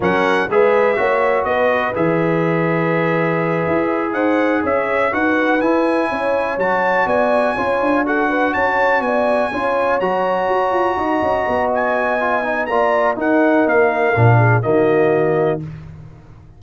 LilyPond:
<<
  \new Staff \with { instrumentName = "trumpet" } { \time 4/4 \tempo 4 = 123 fis''4 e''2 dis''4 | e''1~ | e''8 fis''4 e''4 fis''4 gis''8~ | gis''4. a''4 gis''4.~ |
gis''8 fis''4 a''4 gis''4.~ | gis''8 ais''2.~ ais''8 | gis''2 ais''4 fis''4 | f''2 dis''2 | }
  \new Staff \with { instrumentName = "horn" } { \time 4/4 ais'4 b'4 cis''4 b'4~ | b'1~ | b'8 c''4 cis''4 b'4.~ | b'8 cis''2 d''4 cis''8~ |
cis''8 a'8 b'8 cis''4 d''4 cis''8~ | cis''2~ cis''8 dis''4.~ | dis''2 d''4 ais'4~ | ais'4. gis'8 fis'2 | }
  \new Staff \with { instrumentName = "trombone" } { \time 4/4 cis'4 gis'4 fis'2 | gis'1~ | gis'2~ gis'8 fis'4 e'8~ | e'4. fis'2 f'8~ |
f'8 fis'2. f'8~ | f'8 fis'2.~ fis'8~ | fis'4 f'8 dis'8 f'4 dis'4~ | dis'4 d'4 ais2 | }
  \new Staff \with { instrumentName = "tuba" } { \time 4/4 fis4 gis4 ais4 b4 | e2.~ e8 e'8~ | e'8 dis'4 cis'4 dis'4 e'8~ | e'8 cis'4 fis4 b4 cis'8 |
d'4. cis'4 b4 cis'8~ | cis'8 fis4 fis'8 f'8 dis'8 cis'8 b8~ | b2 ais4 dis'4 | ais4 ais,4 dis2 | }
>>